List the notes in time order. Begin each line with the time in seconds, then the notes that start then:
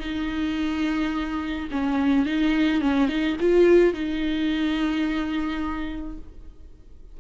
0.00 D#4
1.72 C#4
2.26 D#4
2.82 C#4
3.09 D#4
3.41 F4
3.94 D#4